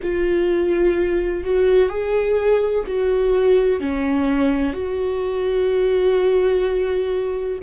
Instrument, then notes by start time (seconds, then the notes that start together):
viola
0.02 F4
1.44 F#4
1.89 G#4
2.87 F#4
3.80 C#4
4.73 F#4